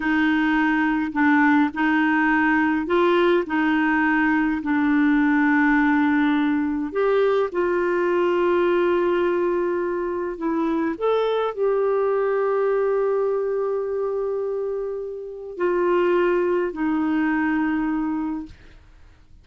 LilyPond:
\new Staff \with { instrumentName = "clarinet" } { \time 4/4 \tempo 4 = 104 dis'2 d'4 dis'4~ | dis'4 f'4 dis'2 | d'1 | g'4 f'2.~ |
f'2 e'4 a'4 | g'1~ | g'2. f'4~ | f'4 dis'2. | }